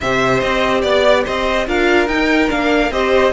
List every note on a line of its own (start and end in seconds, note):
0.00 0.41 C3
0.00 1.67 G4
0.00 0.81 C5
0.00 0.39 E5
0.39 0.83 C4
0.39 0.81 D#5
0.81 1.25 B3
0.81 1.23 D5
1.25 1.67 C4
1.25 1.66 C5
1.25 1.68 D#5
1.67 2.07 D4
1.67 2.09 F4
1.67 2.91 A#4
1.67 2.07 F5
2.07 2.49 D#4
2.07 2.48 D#4
2.07 2.49 G5
2.48 2.90 A#3
2.48 2.90 D4
2.48 2.91 F5
2.90 3.32 C4
2.90 3.32 G4
2.90 3.32 C5
2.90 3.32 D#5